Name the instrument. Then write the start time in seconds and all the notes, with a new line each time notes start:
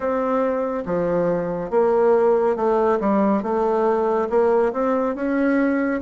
bassoon
0.00 C4
0.85 F3
1.70 A#3
2.56 A3
3.00 G3
3.42 A3
4.29 A#3
4.72 C4
5.15 C#4